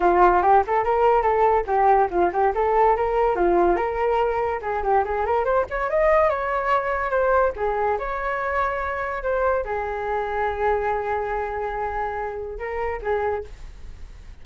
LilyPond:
\new Staff \with { instrumentName = "flute" } { \time 4/4 \tempo 4 = 143 f'4 g'8 a'8 ais'4 a'4 | g'4 f'8 g'8 a'4 ais'4 | f'4 ais'2 gis'8 g'8 | gis'8 ais'8 c''8 cis''8 dis''4 cis''4~ |
cis''4 c''4 gis'4 cis''4~ | cis''2 c''4 gis'4~ | gis'1~ | gis'2 ais'4 gis'4 | }